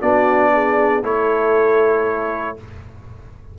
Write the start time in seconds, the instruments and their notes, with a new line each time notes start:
0.00 tuba B3, trombone D4, horn F#4, trumpet D5
0.54 horn G#4
1.03 tuba A3, trombone E4, horn A4, trumpet C#5